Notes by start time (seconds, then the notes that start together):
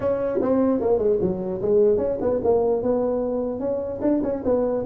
0.00 C#4
0.41 C4
0.80 A#3
0.98 G#3
1.21 F#3
1.61 G#3
1.97 C#4
2.21 B3
2.43 A#3
2.82 B3
3.59 C#4
4.01 D4
4.23 C#4
4.44 B3